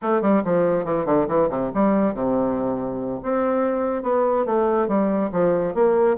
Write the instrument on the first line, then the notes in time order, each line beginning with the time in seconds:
bassoon
0.02 A3
0.21 G3
0.44 F3
0.84 E3
1.05 D3
1.28 E3
1.49 C3
1.74 G3
2.14 C3
3.22 C4
4.03 B3
4.45 A3
4.87 G3
5.32 F3
5.74 A#3